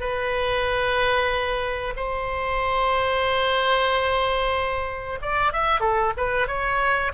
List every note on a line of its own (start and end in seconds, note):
0.00 1.94 B4
1.96 5.19 C5
5.21 5.52 D5
5.52 5.80 E5
5.80 6.13 A4
6.17 6.47 B4
6.47 7.12 C#5